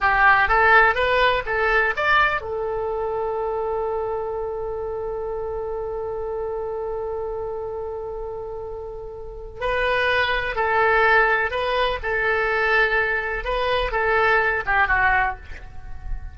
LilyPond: \new Staff \with { instrumentName = "oboe" } { \time 4/4 \tempo 4 = 125 g'4 a'4 b'4 a'4 | d''4 a'2.~ | a'1~ | a'1~ |
a'1 | b'2 a'2 | b'4 a'2. | b'4 a'4. g'8 fis'4 | }